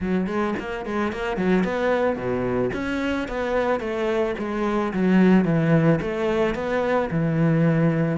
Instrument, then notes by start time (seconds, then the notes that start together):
cello
0.00 F#3
0.27 G#3
0.59 A#3
0.85 G#3
1.12 A#3
1.36 F#3
1.64 B3
2.16 B2
2.73 C#4
3.28 B3
3.80 A3
4.38 G#3
4.93 F#3
5.44 E3
6.01 A3
6.55 B3
7.10 E3